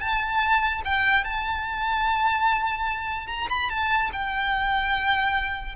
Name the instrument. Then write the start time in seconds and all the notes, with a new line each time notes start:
violin
0.00 A5
0.85 G5
1.24 A5
3.27 A#5
3.50 B5
3.70 A5
4.13 G5